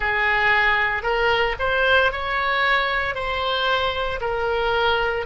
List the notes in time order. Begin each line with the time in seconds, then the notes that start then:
0.00 G#4
1.02 A#4
1.59 C5
2.11 C#5
3.14 C5
4.21 A#4